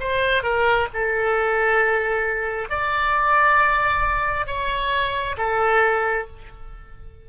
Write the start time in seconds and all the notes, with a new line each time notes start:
0.00 C5
0.43 A#4
0.94 A4
2.69 D5
4.47 C#5
5.38 A4